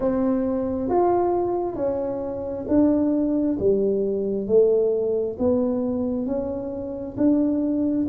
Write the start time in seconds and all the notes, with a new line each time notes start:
0.00 C4
0.89 F4
1.75 C#4
2.67 D4
3.59 G3
4.47 A3
5.38 B3
6.26 C#4
7.17 D4